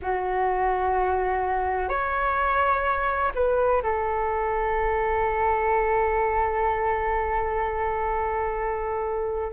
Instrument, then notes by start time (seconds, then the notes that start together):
flute
0.02 F#4
1.88 C#5
3.35 B4
3.82 A4